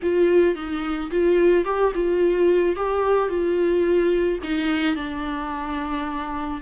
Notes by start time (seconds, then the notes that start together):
0.02 F4
0.55 D#4
1.11 F4
1.65 G4
1.94 F4
2.75 G4
3.28 F4
4.43 D#4
4.95 D4